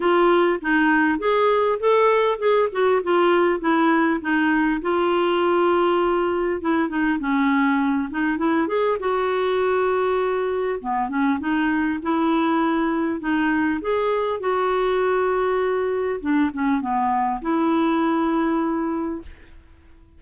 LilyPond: \new Staff \with { instrumentName = "clarinet" } { \time 4/4 \tempo 4 = 100 f'4 dis'4 gis'4 a'4 | gis'8 fis'8 f'4 e'4 dis'4 | f'2. e'8 dis'8 | cis'4. dis'8 e'8 gis'8 fis'4~ |
fis'2 b8 cis'8 dis'4 | e'2 dis'4 gis'4 | fis'2. d'8 cis'8 | b4 e'2. | }